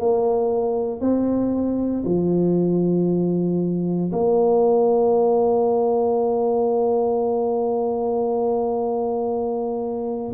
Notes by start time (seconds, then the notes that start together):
0.00 A#3
1.01 C4
2.05 F3
4.13 A#3